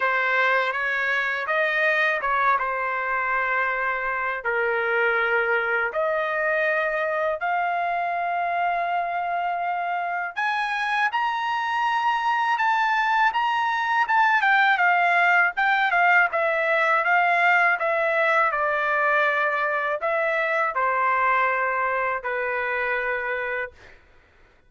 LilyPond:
\new Staff \with { instrumentName = "trumpet" } { \time 4/4 \tempo 4 = 81 c''4 cis''4 dis''4 cis''8 c''8~ | c''2 ais'2 | dis''2 f''2~ | f''2 gis''4 ais''4~ |
ais''4 a''4 ais''4 a''8 g''8 | f''4 g''8 f''8 e''4 f''4 | e''4 d''2 e''4 | c''2 b'2 | }